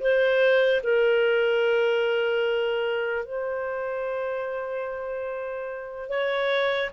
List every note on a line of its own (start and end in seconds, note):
0.00 0.81 C5
0.83 3.25 A#4
3.25 6.08 C5
6.08 6.90 C#5